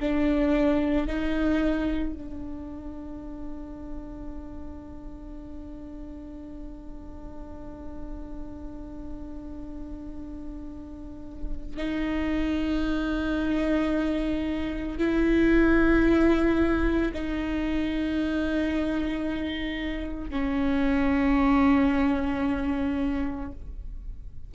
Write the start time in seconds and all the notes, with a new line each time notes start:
0.00 D4
1.07 D#4
2.13 D4
11.77 D#4
14.98 E4
17.14 D#4
20.30 C#4